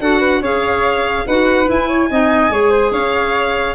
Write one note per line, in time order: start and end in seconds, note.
0.00 0.41 D4
0.00 0.43 F#4
0.00 0.19 A4
0.00 0.42 F#5
0.19 0.40 B4
0.41 1.24 C#4
0.41 1.27 G#4
0.41 1.25 C#5
0.41 1.27 F5
1.26 1.69 D#4
1.26 1.65 F#4
1.26 1.88 B4
1.26 1.69 F#5
1.65 2.07 E4
1.65 2.10 E4
1.65 2.92 G#5
1.88 2.09 C#5
2.10 2.50 C4
2.10 2.51 D#4
2.10 2.52 D#5
2.50 2.91 G#3
2.50 3.75 G#4
2.50 2.71 C#5
2.71 2.91 C5
2.91 3.74 C#4
2.91 3.75 C#5
2.91 3.75 F5